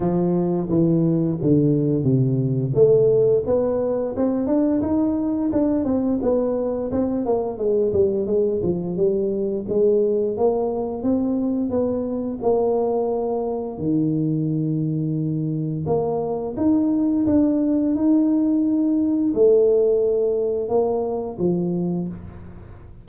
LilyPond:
\new Staff \with { instrumentName = "tuba" } { \time 4/4 \tempo 4 = 87 f4 e4 d4 c4 | a4 b4 c'8 d'8 dis'4 | d'8 c'8 b4 c'8 ais8 gis8 g8 | gis8 f8 g4 gis4 ais4 |
c'4 b4 ais2 | dis2. ais4 | dis'4 d'4 dis'2 | a2 ais4 f4 | }